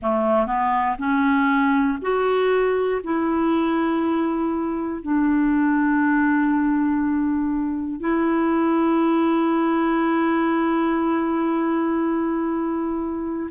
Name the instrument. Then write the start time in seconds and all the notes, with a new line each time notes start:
clarinet
0.01 A3
0.46 B3
0.98 C#4
2.01 F#4
3.03 E4
5.01 D4
8.00 E4